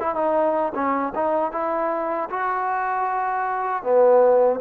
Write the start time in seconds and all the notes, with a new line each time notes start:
0.00 E4
0.15 D#4
0.75 C#4
1.15 D#4
1.52 E4
2.30 F#4
3.84 B3